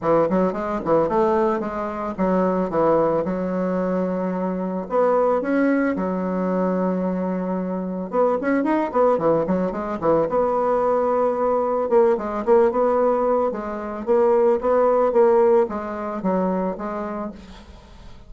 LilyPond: \new Staff \with { instrumentName = "bassoon" } { \time 4/4 \tempo 4 = 111 e8 fis8 gis8 e8 a4 gis4 | fis4 e4 fis2~ | fis4 b4 cis'4 fis4~ | fis2. b8 cis'8 |
dis'8 b8 e8 fis8 gis8 e8 b4~ | b2 ais8 gis8 ais8 b8~ | b4 gis4 ais4 b4 | ais4 gis4 fis4 gis4 | }